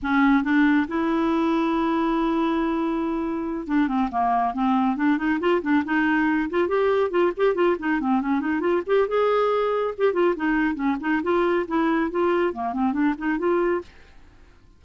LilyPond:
\new Staff \with { instrumentName = "clarinet" } { \time 4/4 \tempo 4 = 139 cis'4 d'4 e'2~ | e'1~ | e'8 d'8 c'8 ais4 c'4 d'8 | dis'8 f'8 d'8 dis'4. f'8 g'8~ |
g'8 f'8 g'8 f'8 dis'8 c'8 cis'8 dis'8 | f'8 g'8 gis'2 g'8 f'8 | dis'4 cis'8 dis'8 f'4 e'4 | f'4 ais8 c'8 d'8 dis'8 f'4 | }